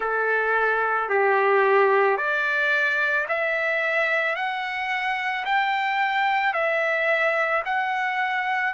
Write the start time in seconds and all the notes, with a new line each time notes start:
0.00 A4
1.09 G4
2.17 D5
3.28 E5
4.35 F#5
5.45 G5
6.53 E5
7.65 F#5